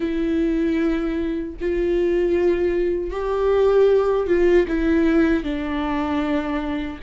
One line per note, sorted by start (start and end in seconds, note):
0.00 1.55 E4
1.60 3.10 F4
3.10 4.26 G4
4.26 4.65 F4
4.68 5.43 E4
5.43 6.99 D4